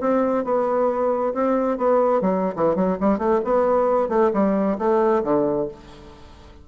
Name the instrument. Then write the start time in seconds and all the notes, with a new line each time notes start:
bassoon
0.00 C4
0.44 B3
1.34 C4
1.78 B3
2.21 F#3
2.55 E3
2.75 F#3
3.00 G3
3.18 A3
3.44 B3
4.09 A3
4.33 G3
4.78 A3
5.23 D3